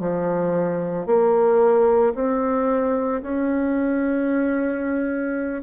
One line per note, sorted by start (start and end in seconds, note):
0.00 1.06 F3
1.06 2.13 A#3
2.15 3.22 C4
3.22 5.62 C#4